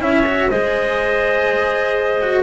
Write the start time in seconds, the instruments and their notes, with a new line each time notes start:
0.00 double bass C#4, cello E4, clarinet C#5, trumpet E5
0.27 cello F#4
0.50 double bass G#3, cello G#4, clarinet C5, trumpet D#5
2.21 cello F#4